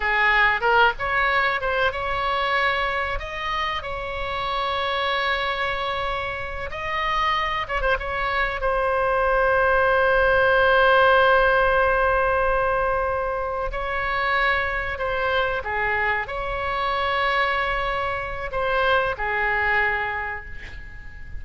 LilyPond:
\new Staff \with { instrumentName = "oboe" } { \time 4/4 \tempo 4 = 94 gis'4 ais'8 cis''4 c''8 cis''4~ | cis''4 dis''4 cis''2~ | cis''2~ cis''8 dis''4. | cis''16 c''16 cis''4 c''2~ c''8~ |
c''1~ | c''4. cis''2 c''8~ | c''8 gis'4 cis''2~ cis''8~ | cis''4 c''4 gis'2 | }